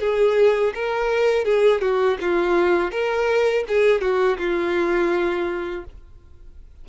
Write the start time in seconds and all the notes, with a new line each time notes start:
0.00 G#4
0.74 A#4
1.45 G#4
1.81 F#4
2.21 F4
2.91 A#4
3.68 G#4
4.01 F#4
4.38 F4